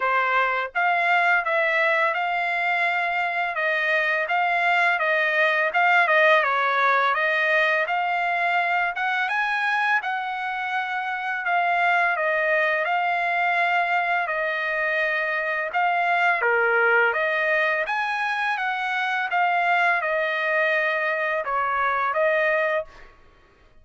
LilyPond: \new Staff \with { instrumentName = "trumpet" } { \time 4/4 \tempo 4 = 84 c''4 f''4 e''4 f''4~ | f''4 dis''4 f''4 dis''4 | f''8 dis''8 cis''4 dis''4 f''4~ | f''8 fis''8 gis''4 fis''2 |
f''4 dis''4 f''2 | dis''2 f''4 ais'4 | dis''4 gis''4 fis''4 f''4 | dis''2 cis''4 dis''4 | }